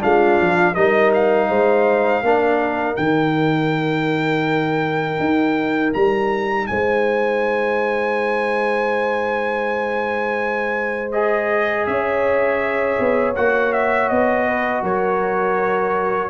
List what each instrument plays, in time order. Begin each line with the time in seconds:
0.00 tuba G#3, trombone D4, horn F4, trumpet F5
0.40 tuba F3
0.74 tuba G3, trombone D#4, horn A#4, trumpet D#5
1.13 trumpet F5
1.48 tuba G#3, horn C5
2.22 tuba A#3, trombone D4, horn A#4
2.95 tuba D#3, trombone D#4, trumpet G5
5.19 tuba D#4
5.93 tuba G3, trumpet A#5
6.66 tuba G#3, horn C5, trumpet G#5
11.11 trombone G#4, trumpet D#5
11.86 tuba C#4, horn C#5, trumpet E5
12.99 tuba B3
13.35 tuba A#3, trombone F#4, trumpet F#5
13.72 trumpet E5
14.09 tuba B3, trumpet D#5
14.47 horn B4
14.82 tuba F#3, horn A#4, trumpet C#5